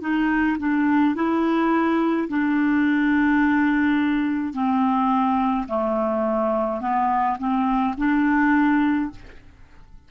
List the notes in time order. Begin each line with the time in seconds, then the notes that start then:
0.00 D#4
0.59 D4
1.15 E4
2.28 D4
4.53 C4
5.68 A3
6.80 B3
7.38 C4
7.97 D4